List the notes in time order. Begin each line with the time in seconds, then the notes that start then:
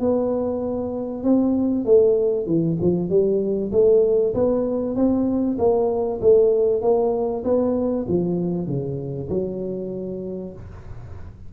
0.00 B3
1.24 C4
1.86 A3
2.47 E3
2.82 F3
3.10 G3
3.72 A3
4.35 B3
4.96 C4
5.59 A#3
6.21 A3
6.82 A#3
7.45 B3
8.09 F3
8.67 C#3
9.30 F#3